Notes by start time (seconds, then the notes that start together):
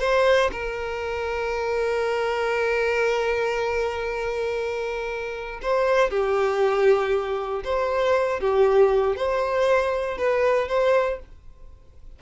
0.00 C5
0.52 A#4
5.63 C5
6.11 G4
7.65 C5
8.40 G4
9.17 C5
10.18 B4
10.69 C5